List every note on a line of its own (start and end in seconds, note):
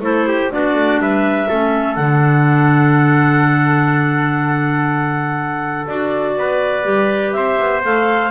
0.00 0.49 A3
0.00 0.50 E4
0.00 0.28 A4
0.00 0.52 C5
0.28 0.52 G4
0.51 0.75 B3
0.51 1.48 D4
0.51 1.02 F#4
0.51 1.01 D5
0.75 0.99 A3
0.99 1.48 G3
0.99 1.48 B4
0.99 1.96 E5
1.48 1.97 A3
1.48 1.98 C#4
1.48 6.36 A4
1.96 5.87 D3
1.96 5.88 D4
1.96 5.86 F#5
5.88 6.37 D4
5.88 6.84 F#4
5.88 7.33 D5
6.37 6.85 B3
6.37 7.37 B4
6.84 7.34 G3
6.84 7.82 G4
7.33 7.58 C4
7.33 8.31 C5
7.33 7.81 E5
7.60 7.84 B3
7.84 8.31 A3
7.84 8.31 A4
7.84 8.31 F5